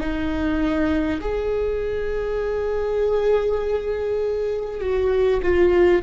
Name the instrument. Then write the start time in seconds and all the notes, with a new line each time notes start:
viola
0.00 D#4
1.20 G#4
4.81 F#4
5.42 F4